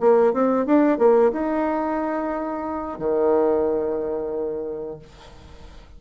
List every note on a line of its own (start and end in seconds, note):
0.00 0.33 A#3
0.34 0.66 C4
0.66 0.98 D4
0.98 1.32 A#3
1.33 2.99 D#4
2.99 4.99 D#3